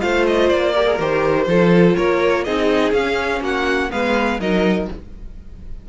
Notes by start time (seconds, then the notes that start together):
0.00 A3 F4 C5 F5
0.27 D#5
0.49 A#3 D5
0.72 G4 A#4
0.86 G#4
0.99 D#3 G4 C5
1.47 F3 F4 A4
1.96 A#3 A#4 C#5
2.44 C4 D#4 G#4 D#5
2.92 C#4 F5
3.40 A#3 F#4 F#5
3.91 G#3 B3 B4 F5
4.39 F#3 D#4 A#4 D#5